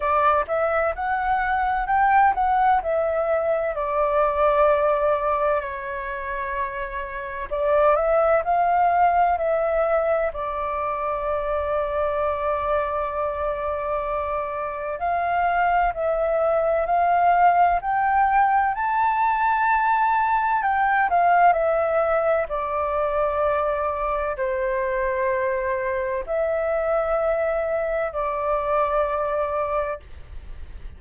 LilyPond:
\new Staff \with { instrumentName = "flute" } { \time 4/4 \tempo 4 = 64 d''8 e''8 fis''4 g''8 fis''8 e''4 | d''2 cis''2 | d''8 e''8 f''4 e''4 d''4~ | d''1 |
f''4 e''4 f''4 g''4 | a''2 g''8 f''8 e''4 | d''2 c''2 | e''2 d''2 | }